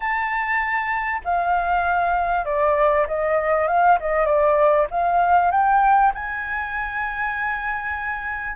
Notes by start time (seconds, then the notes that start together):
0.00 A5
1.24 F5
2.45 D5
3.07 D#5
3.67 F5
4.00 D#5
4.25 D5
4.91 F5
5.51 G5
6.14 G#5